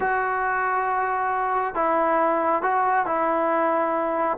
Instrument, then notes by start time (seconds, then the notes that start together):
trombone
0.00 F#4
1.74 E4
2.62 F#4
3.06 E4